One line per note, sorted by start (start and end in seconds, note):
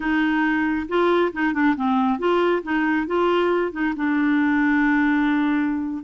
0.00 0.87 D#4
0.88 1.32 F4
1.32 1.53 D#4
1.53 1.75 D4
1.75 2.18 C4
2.18 2.62 F4
2.63 3.06 D#4
3.06 3.72 F4
3.72 3.94 D#4
3.96 6.03 D4